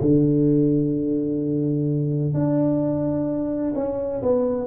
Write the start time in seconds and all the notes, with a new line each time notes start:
0.00 D3
2.34 D4
3.75 C#4
4.22 B3